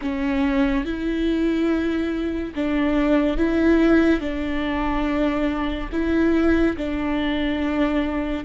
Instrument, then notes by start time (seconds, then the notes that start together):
viola
0.01 C#4
0.85 E4
2.55 D4
3.37 E4
4.20 D4
5.92 E4
6.76 D4